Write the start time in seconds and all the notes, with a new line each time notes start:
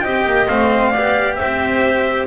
0.00 C4 G4 D#5 G5
0.25 A#3
0.48 A3 C4 F5
0.90 B3 G4 D5
1.35 C5 E5
1.42 C4